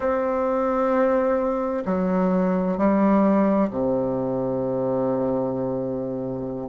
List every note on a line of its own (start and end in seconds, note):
0.00 1.83 C4
1.85 2.77 F#3
2.77 3.69 G3
3.70 6.69 C3